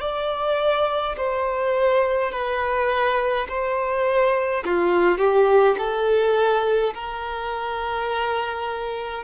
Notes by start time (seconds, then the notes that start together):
0.00 D5
1.17 C5
2.31 B4
3.48 C5
4.64 F4
5.18 G4
5.78 A4
6.94 A#4